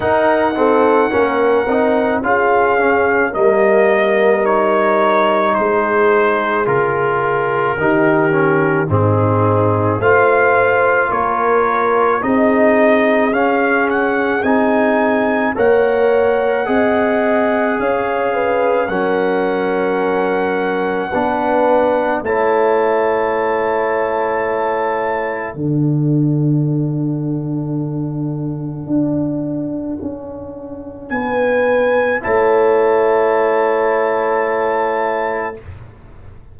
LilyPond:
<<
  \new Staff \with { instrumentName = "trumpet" } { \time 4/4 \tempo 4 = 54 fis''2 f''4 dis''4 | cis''4 c''4 ais'2 | gis'4 f''4 cis''4 dis''4 | f''8 fis''8 gis''4 fis''2 |
f''4 fis''2. | a''2. fis''4~ | fis''1 | gis''4 a''2. | }
  \new Staff \with { instrumentName = "horn" } { \time 4/4 ais'8 a'8 ais'4 gis'4 ais'4~ | ais'4 gis'2 g'4 | dis'4 c''4 ais'4 gis'4~ | gis'2 cis''4 dis''4 |
cis''8 b'8 ais'2 b'4 | cis''2. a'4~ | a'1 | b'4 cis''2. | }
  \new Staff \with { instrumentName = "trombone" } { \time 4/4 dis'8 c'8 cis'8 dis'8 f'8 cis'8 ais4 | dis'2 f'4 dis'8 cis'8 | c'4 f'2 dis'4 | cis'4 dis'4 ais'4 gis'4~ |
gis'4 cis'2 d'4 | e'2. d'4~ | d'1~ | d'4 e'2. | }
  \new Staff \with { instrumentName = "tuba" } { \time 4/4 dis'4 ais8 c'8 cis'4 g4~ | g4 gis4 cis4 dis4 | gis,4 a4 ais4 c'4 | cis'4 c'4 ais4 c'4 |
cis'4 fis2 b4 | a2. d4~ | d2 d'4 cis'4 | b4 a2. | }
>>